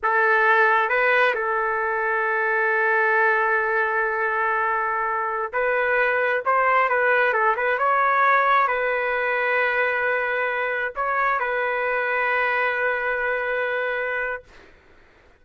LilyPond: \new Staff \with { instrumentName = "trumpet" } { \time 4/4 \tempo 4 = 133 a'2 b'4 a'4~ | a'1~ | a'1~ | a'16 b'2 c''4 b'8.~ |
b'16 a'8 b'8 cis''2 b'8.~ | b'1~ | b'16 cis''4 b'2~ b'8.~ | b'1 | }